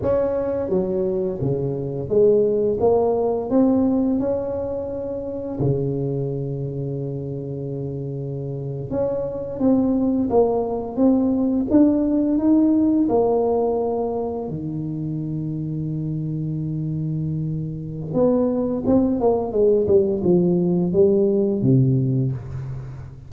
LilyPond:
\new Staff \with { instrumentName = "tuba" } { \time 4/4 \tempo 4 = 86 cis'4 fis4 cis4 gis4 | ais4 c'4 cis'2 | cis1~ | cis8. cis'4 c'4 ais4 c'16~ |
c'8. d'4 dis'4 ais4~ ais16~ | ais8. dis2.~ dis16~ | dis2 b4 c'8 ais8 | gis8 g8 f4 g4 c4 | }